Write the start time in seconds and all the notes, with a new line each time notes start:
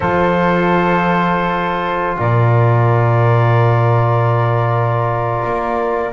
0.00 F3 F4 A4 C5
2.18 A#2 A#4 D5
5.45 A#3